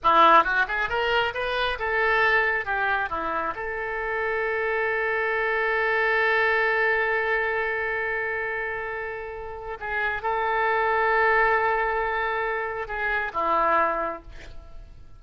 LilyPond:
\new Staff \with { instrumentName = "oboe" } { \time 4/4 \tempo 4 = 135 e'4 fis'8 gis'8 ais'4 b'4 | a'2 g'4 e'4 | a'1~ | a'1~ |
a'1~ | a'2 gis'4 a'4~ | a'1~ | a'4 gis'4 e'2 | }